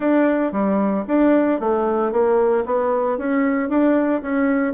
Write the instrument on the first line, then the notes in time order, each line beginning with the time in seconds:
bassoon
0.00 D4
0.51 G3
1.07 D4
1.60 A3
2.11 A#3
2.65 B3
3.17 C#4
3.69 D4
4.22 C#4